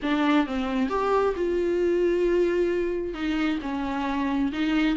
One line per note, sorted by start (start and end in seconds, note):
0.02 0.46 D4
0.46 0.89 C4
0.89 1.34 G4
1.35 3.14 F4
3.14 3.59 D#4
3.62 4.52 C#4
4.52 4.96 D#4